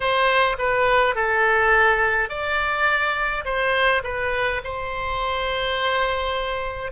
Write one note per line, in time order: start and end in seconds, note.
0.00 0.56 C5
0.58 1.15 B4
1.15 2.29 A4
2.29 3.44 D5
3.45 4.02 C5
4.03 4.61 B4
4.64 6.91 C5